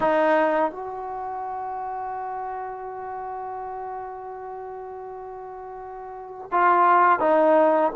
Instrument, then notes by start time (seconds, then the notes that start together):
trombone
0.00 D#4
0.71 F#4
6.51 F4
7.19 D#4